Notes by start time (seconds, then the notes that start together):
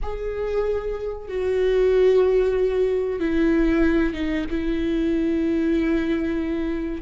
0.02 G#4
1.28 F#4
3.20 E4
4.13 D#4
4.50 E4